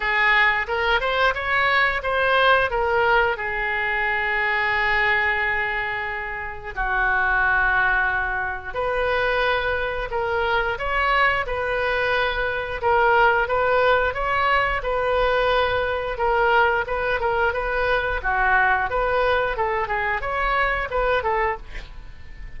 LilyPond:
\new Staff \with { instrumentName = "oboe" } { \time 4/4 \tempo 4 = 89 gis'4 ais'8 c''8 cis''4 c''4 | ais'4 gis'2.~ | gis'2 fis'2~ | fis'4 b'2 ais'4 |
cis''4 b'2 ais'4 | b'4 cis''4 b'2 | ais'4 b'8 ais'8 b'4 fis'4 | b'4 a'8 gis'8 cis''4 b'8 a'8 | }